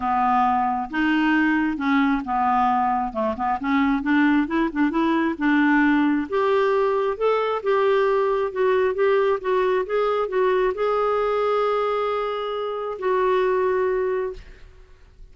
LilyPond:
\new Staff \with { instrumentName = "clarinet" } { \time 4/4 \tempo 4 = 134 b2 dis'2 | cis'4 b2 a8 b8 | cis'4 d'4 e'8 d'8 e'4 | d'2 g'2 |
a'4 g'2 fis'4 | g'4 fis'4 gis'4 fis'4 | gis'1~ | gis'4 fis'2. | }